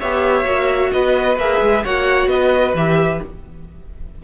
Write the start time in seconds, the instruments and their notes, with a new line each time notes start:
0.00 cello B3, viola G4, violin C#5 E5
0.44 cello A#3, viola F#4
0.92 cello B3, violin B4 D#5
1.38 cello A#3, viola G#4, violin E5
1.62 cello G#3
1.84 cello A#3, viola F#4, violin C#5 F#5
2.27 cello B3, violin B4 D#5
2.74 cello E3, viola G4, violin E5